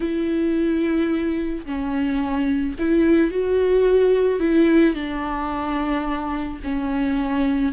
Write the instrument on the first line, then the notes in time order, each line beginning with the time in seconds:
viola
0.00 E4
1.65 C#4
2.78 E4
3.31 F#4
4.39 E4
4.94 D4
6.63 C#4